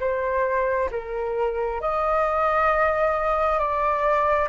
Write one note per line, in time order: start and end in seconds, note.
0.00 0.90 C5
0.91 1.81 A#4
1.81 3.59 D#5
3.59 4.48 D5